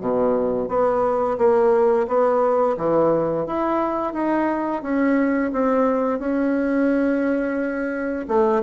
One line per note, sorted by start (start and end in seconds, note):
0.00 0.68 B2
0.68 1.37 B3
1.38 2.07 A#3
2.07 2.76 B3
2.77 3.46 E3
3.46 4.13 E4
4.13 4.82 D#4
4.82 5.51 C#4
5.52 6.19 C4
6.19 8.26 C#4
8.28 8.62 A3